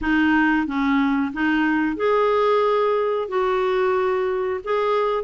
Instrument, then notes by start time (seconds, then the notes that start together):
clarinet
0.01 D#4
0.66 C#4
1.33 D#4
1.96 G#4
3.28 F#4
4.63 G#4